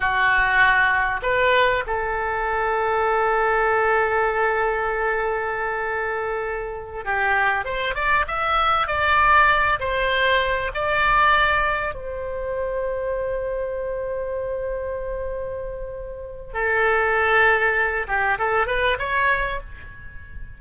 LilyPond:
\new Staff \with { instrumentName = "oboe" } { \time 4/4 \tempo 4 = 98 fis'2 b'4 a'4~ | a'1~ | a'2.~ a'8 g'8~ | g'8 c''8 d''8 e''4 d''4. |
c''4. d''2 c''8~ | c''1~ | c''2. a'4~ | a'4. g'8 a'8 b'8 cis''4 | }